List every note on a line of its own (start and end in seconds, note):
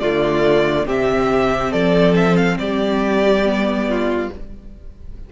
0.00 0.87 D3
0.00 0.86 A3
0.00 0.86 F4
0.00 0.86 D5
0.86 1.72 C3
0.86 3.43 C4
0.86 1.71 G4
0.86 1.72 E5
1.71 2.58 F3
1.71 2.57 A4
1.71 2.15 D5
2.16 2.36 E5
2.36 2.58 F5
2.58 4.29 G3
2.58 3.89 G4
2.58 4.30 D5
3.44 4.30 B3
3.89 4.32 F4